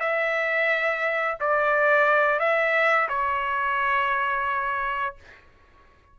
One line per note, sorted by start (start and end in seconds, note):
0.00 1.38 E5
1.40 2.39 D5
2.39 3.08 E5
3.09 5.16 C#5